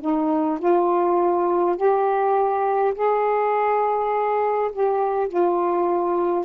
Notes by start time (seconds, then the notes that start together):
0.00 D#4
0.59 F4
1.76 G4
2.94 G#4
4.72 G4
5.28 F4